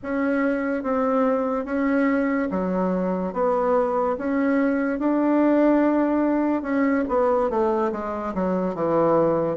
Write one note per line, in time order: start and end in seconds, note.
0.02 0.83 C#4
0.83 1.65 C4
1.65 2.48 C#4
2.50 3.33 F#3
3.33 4.16 B3
4.17 4.99 C#4
4.99 6.62 D4
6.62 7.04 C#4
7.08 7.50 B3
7.50 7.91 A3
7.92 8.33 G#3
8.34 8.75 F#3
8.75 9.57 E3